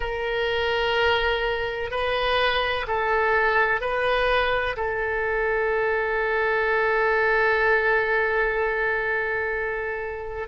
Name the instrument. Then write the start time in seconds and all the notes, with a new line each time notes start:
oboe
0.00 A#4
1.90 B4
2.87 A4
3.81 B4
4.76 A4